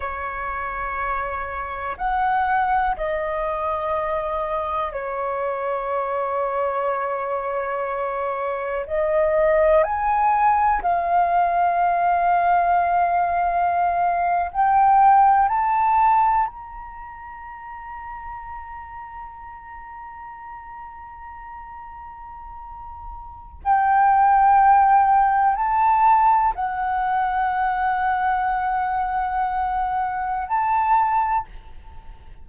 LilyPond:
\new Staff \with { instrumentName = "flute" } { \time 4/4 \tempo 4 = 61 cis''2 fis''4 dis''4~ | dis''4 cis''2.~ | cis''4 dis''4 gis''4 f''4~ | f''2~ f''8. g''4 a''16~ |
a''8. ais''2.~ ais''16~ | ais''1 | g''2 a''4 fis''4~ | fis''2. a''4 | }